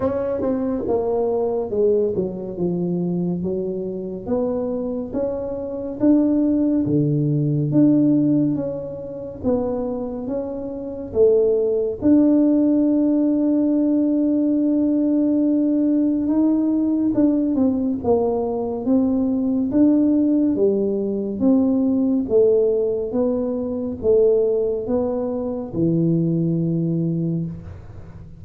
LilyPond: \new Staff \with { instrumentName = "tuba" } { \time 4/4 \tempo 4 = 70 cis'8 c'8 ais4 gis8 fis8 f4 | fis4 b4 cis'4 d'4 | d4 d'4 cis'4 b4 | cis'4 a4 d'2~ |
d'2. dis'4 | d'8 c'8 ais4 c'4 d'4 | g4 c'4 a4 b4 | a4 b4 e2 | }